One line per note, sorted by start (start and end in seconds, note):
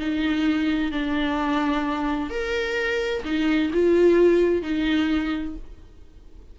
0.00 0.92 D#4
0.92 2.30 D4
2.30 3.23 A#4
3.25 3.71 D#4
3.73 4.63 F4
4.63 5.56 D#4